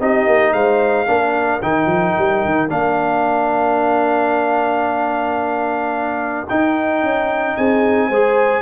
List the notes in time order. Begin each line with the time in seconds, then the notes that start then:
0.00 C4 D#4 G4 D#5
0.26 A#3
0.53 G#3 C5 F5
1.07 A#3 D4 A#4
1.61 D#3 D#4 G5
1.86 F3
2.18 G3
2.44 D#3
2.69 A#3 D4 F5
6.48 D#4 G5
7.02 C#4
7.57 C4 G#4 G#5
8.08 G#3 G#4 C5